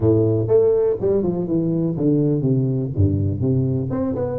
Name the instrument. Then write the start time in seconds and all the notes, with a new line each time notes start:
tuba
0.00 A2
0.47 A3
1.00 G3
1.22 F3
1.47 E3
1.96 D3
2.41 C3
2.96 G2
3.40 C3
3.90 C4
4.15 B3